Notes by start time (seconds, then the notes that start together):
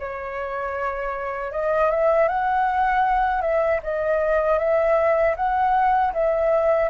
0.00 C#5
1.52 D#5
1.91 E5
2.28 F#5
3.42 E5
3.84 D#5
4.59 E5
5.36 F#5
6.14 E5